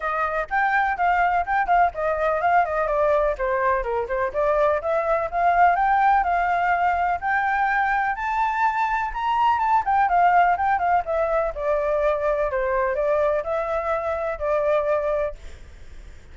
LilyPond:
\new Staff \with { instrumentName = "flute" } { \time 4/4 \tempo 4 = 125 dis''4 g''4 f''4 g''8 f''8 | dis''4 f''8 dis''8 d''4 c''4 | ais'8 c''8 d''4 e''4 f''4 | g''4 f''2 g''4~ |
g''4 a''2 ais''4 | a''8 g''8 f''4 g''8 f''8 e''4 | d''2 c''4 d''4 | e''2 d''2 | }